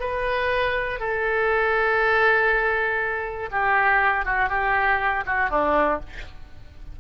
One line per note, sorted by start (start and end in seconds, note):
0.00 1.00 B4
1.00 3.50 A4
3.51 4.25 G4
4.25 4.49 F#4
4.49 5.24 G4
5.26 5.50 F#4
5.50 6.00 D4